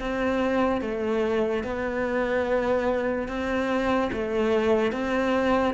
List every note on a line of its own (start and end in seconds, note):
0.00 0.82 C4
0.82 1.64 A3
1.64 3.28 B3
3.28 4.11 C4
4.13 4.92 A3
4.92 5.75 C4